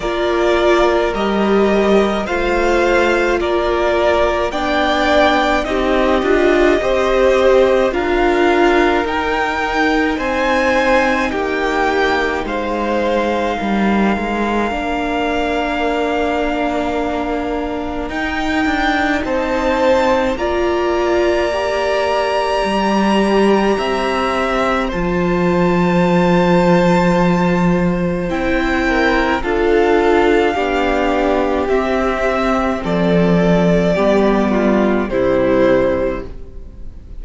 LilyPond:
<<
  \new Staff \with { instrumentName = "violin" } { \time 4/4 \tempo 4 = 53 d''4 dis''4 f''4 d''4 | g''4 dis''2 f''4 | g''4 gis''4 g''4 f''4~ | f''1 |
g''4 a''4 ais''2~ | ais''2 a''2~ | a''4 g''4 f''2 | e''4 d''2 c''4 | }
  \new Staff \with { instrumentName = "violin" } { \time 4/4 ais'2 c''4 ais'4 | d''4 g'4 c''4 ais'4~ | ais'4 c''4 g'4 c''4 | ais'1~ |
ais'4 c''4 d''2~ | d''4 e''4 c''2~ | c''4. ais'8 a'4 g'4~ | g'4 a'4 g'8 f'8 e'4 | }
  \new Staff \with { instrumentName = "viola" } { \time 4/4 f'4 g'4 f'2 | d'4 dis'8 f'8 g'4 f'4 | dis'1~ | dis'4 d'2. |
dis'2 f'4 g'4~ | g'2 f'2~ | f'4 e'4 f'4 d'4 | c'2 b4 g4 | }
  \new Staff \with { instrumentName = "cello" } { \time 4/4 ais4 g4 a4 ais4 | b4 c'8 d'8 c'4 d'4 | dis'4 c'4 ais4 gis4 | g8 gis8 ais2. |
dis'8 d'8 c'4 ais2 | g4 c'4 f2~ | f4 c'4 d'4 b4 | c'4 f4 g4 c4 | }
>>